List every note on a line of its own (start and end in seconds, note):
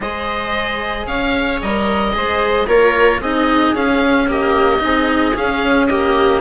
0.00 1.06 G#3
0.00 1.63 G#4
0.00 1.06 C5
0.00 1.06 D#5
1.06 1.60 C#4
1.06 2.13 C#5
1.06 1.60 F5
1.62 2.16 G3
1.62 2.12 A#4
1.62 2.67 D#5
2.12 2.67 G#3
2.12 2.66 G#4
2.12 2.67 C5
2.67 3.20 A#3
2.67 3.22 F4
2.67 3.20 A#4
2.67 3.21 C#5
3.20 3.72 C4
3.20 3.76 D#4
3.20 4.28 G#4
3.20 3.75 D#5
3.72 4.79 C#4
3.72 4.27 C#4
3.72 4.29 F5
4.27 4.78 A#3
4.27 4.82 G4
4.27 5.36 D#5
4.78 5.36 C4
4.78 5.32 D#4
4.78 5.89 G#4
5.35 5.88 C#4
5.35 6.41 C#4
5.35 5.86 F5
5.86 6.41 A#3
5.86 6.41 G4
5.86 6.40 D#5